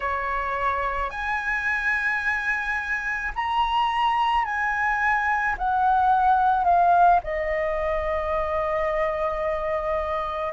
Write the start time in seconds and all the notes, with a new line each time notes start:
0.00 C#5
1.10 G#5
3.35 A#5
4.44 G#5
5.58 F#5
6.64 F5
7.23 D#5